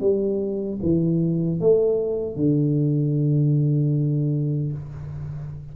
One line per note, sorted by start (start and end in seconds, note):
0.00 0.79 G3
0.82 1.60 E3
1.60 2.35 A3
2.35 4.72 D3